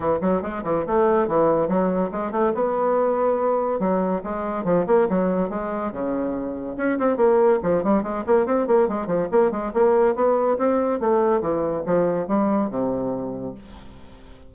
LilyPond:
\new Staff \with { instrumentName = "bassoon" } { \time 4/4 \tempo 4 = 142 e8 fis8 gis8 e8 a4 e4 | fis4 gis8 a8 b2~ | b4 fis4 gis4 f8 ais8 | fis4 gis4 cis2 |
cis'8 c'8 ais4 f8 g8 gis8 ais8 | c'8 ais8 gis8 f8 ais8 gis8 ais4 | b4 c'4 a4 e4 | f4 g4 c2 | }